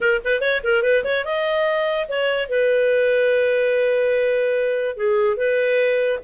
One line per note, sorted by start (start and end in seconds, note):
0.00 0.21 A#4
0.24 0.40 B4
0.40 0.61 C#5
0.63 0.82 A#4
0.82 1.03 B4
1.04 1.24 C#5
1.25 2.07 D#5
2.08 2.49 C#5
2.49 4.97 B4
4.97 5.36 G#4
5.36 6.19 B4